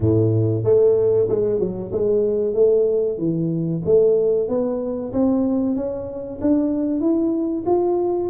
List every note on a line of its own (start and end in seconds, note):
0.00 0.64 A2
0.64 1.28 A3
1.29 1.59 G#3
1.59 1.91 F#3
1.92 2.54 G#3
2.54 3.17 A3
3.18 3.82 E3
3.85 4.48 A3
4.48 5.12 B3
5.12 5.76 C4
5.76 6.39 C#4
6.41 7.00 D4
7.00 7.64 E4
7.66 8.29 F4